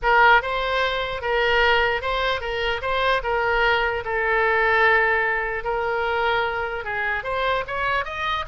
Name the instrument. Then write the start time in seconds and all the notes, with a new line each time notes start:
oboe
0.02 A#4
0.42 C5
1.21 A#4
2.01 C5
2.40 A#4
2.81 C5
3.23 A#4
4.05 A4
5.63 A#4
6.84 G#4
7.23 C5
7.67 C#5
8.04 D#5